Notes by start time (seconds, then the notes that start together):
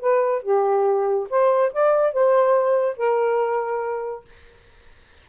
0.00 B4
0.43 G4
1.30 C5
1.73 D5
2.13 C5
2.97 A#4